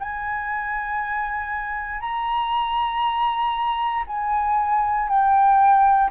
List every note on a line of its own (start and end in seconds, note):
0.00 2.01 G#5
2.01 4.04 A#5
4.07 5.09 G#5
5.09 6.11 G5